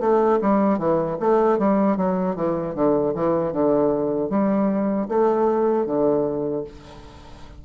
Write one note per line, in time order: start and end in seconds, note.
0.00 0.39 A3
0.41 0.78 G3
0.78 1.17 E3
1.20 1.58 A3
1.58 1.97 G3
1.97 2.36 F#3
2.36 2.74 E3
2.75 3.14 D3
3.15 3.52 E3
3.52 4.30 D3
4.30 5.08 G3
5.08 5.86 A3
5.86 6.64 D3